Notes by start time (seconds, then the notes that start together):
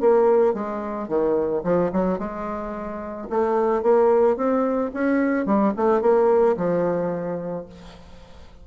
0.00 A#3
0.54 G#3
1.08 D#3
1.63 F3
1.92 F#3
2.18 G#3
3.30 A3
3.82 A#3
4.36 C4
4.93 C#4
5.45 G3
5.76 A3
6.01 A#3
6.57 F3